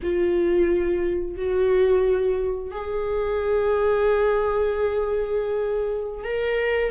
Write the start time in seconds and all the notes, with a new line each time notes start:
0.02 F4
1.36 F#4
2.70 G#4
6.24 A#4